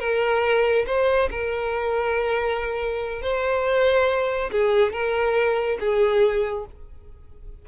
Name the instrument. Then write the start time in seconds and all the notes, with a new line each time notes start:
violin
0.00 A#4
0.87 C5
1.31 A#4
3.22 C5
4.52 G#4
4.93 A#4
5.80 G#4